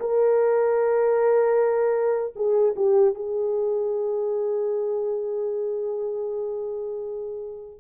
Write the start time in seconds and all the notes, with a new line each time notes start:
0.00 A#4
2.36 G#4
2.76 G4
3.15 G#4